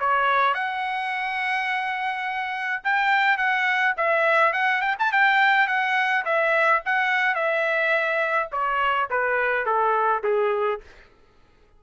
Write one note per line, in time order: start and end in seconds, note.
0.00 0.54 C#5
0.54 2.83 F#5
2.84 3.38 G5
3.38 3.95 F#5
3.97 4.53 E5
4.53 4.82 F#5
4.82 4.96 G5
4.99 5.12 A5
5.12 5.68 G5
5.68 6.25 F#5
6.25 6.82 E5
6.85 7.35 F#5
7.35 8.49 E5
8.52 9.09 C#5
9.10 9.66 B4
9.66 10.23 A4
10.23 10.81 G#4